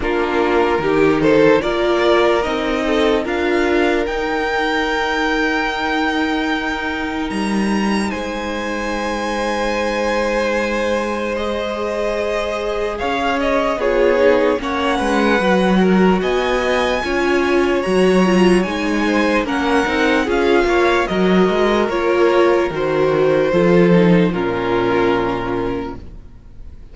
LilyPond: <<
  \new Staff \with { instrumentName = "violin" } { \time 4/4 \tempo 4 = 74 ais'4. c''8 d''4 dis''4 | f''4 g''2.~ | g''4 ais''4 gis''2~ | gis''2 dis''2 |
f''8 dis''8 cis''4 fis''2 | gis''2 ais''4 gis''4 | fis''4 f''4 dis''4 cis''4 | c''2 ais'2 | }
  \new Staff \with { instrumentName = "violin" } { \time 4/4 f'4 g'8 a'8 ais'4. a'8 | ais'1~ | ais'2 c''2~ | c''1 |
cis''4 gis'4 cis''8 b'4 ais'8 | dis''4 cis''2~ cis''8 c''8 | ais'4 gis'8 cis''8 ais'2~ | ais'4 a'4 f'2 | }
  \new Staff \with { instrumentName = "viola" } { \time 4/4 d'4 dis'4 f'4 dis'4 | f'4 dis'2.~ | dis'1~ | dis'2 gis'2~ |
gis'4 f'8 dis'8 cis'4 fis'4~ | fis'4 f'4 fis'8 f'8 dis'4 | cis'8 dis'8 f'4 fis'4 f'4 | fis'4 f'8 dis'8 cis'2 | }
  \new Staff \with { instrumentName = "cello" } { \time 4/4 ais4 dis4 ais4 c'4 | d'4 dis'2.~ | dis'4 g4 gis2~ | gis1 |
cis'4 b4 ais8 gis8 fis4 | b4 cis'4 fis4 gis4 | ais8 c'8 cis'8 ais8 fis8 gis8 ais4 | dis4 f4 ais,2 | }
>>